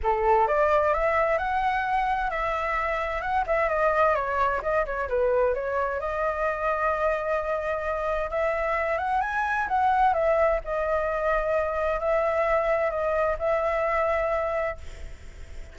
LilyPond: \new Staff \with { instrumentName = "flute" } { \time 4/4 \tempo 4 = 130 a'4 d''4 e''4 fis''4~ | fis''4 e''2 fis''8 e''8 | dis''4 cis''4 dis''8 cis''8 b'4 | cis''4 dis''2.~ |
dis''2 e''4. fis''8 | gis''4 fis''4 e''4 dis''4~ | dis''2 e''2 | dis''4 e''2. | }